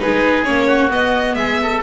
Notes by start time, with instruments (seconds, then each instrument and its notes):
0.00 double bass G#3, viola D#4, oboe G#4, violin B4
0.44 double bass A#3, viola C#4, violin C#5
0.67 oboe F#4
0.89 viola B3, double bass B3, violin D#5
1.35 double bass G#3, oboe G#4, violin E5
1.63 oboe A4